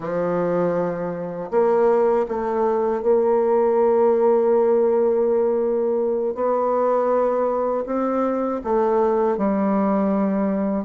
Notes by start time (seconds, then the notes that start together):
0.00 F3
1.50 A#3
2.28 A3
3.02 A#3
6.34 B3
7.85 C4
8.64 A3
9.38 G3